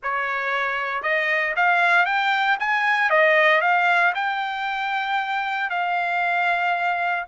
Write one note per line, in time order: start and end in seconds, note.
0.03 1.02 C#5
1.02 1.54 D#5
1.56 2.05 F5
2.05 2.57 G5
2.59 3.10 G#5
3.10 3.61 D#5
3.61 4.13 F5
4.14 5.69 G5
5.70 7.25 F5